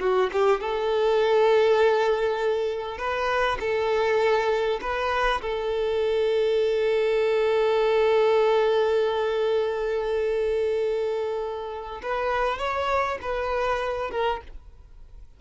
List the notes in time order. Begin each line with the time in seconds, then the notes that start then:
0.00 F#4
0.32 G4
0.60 A4
2.98 B4
3.60 A4
4.81 B4
5.41 A4
12.02 B4
12.58 C#5
13.22 B4
14.11 A#4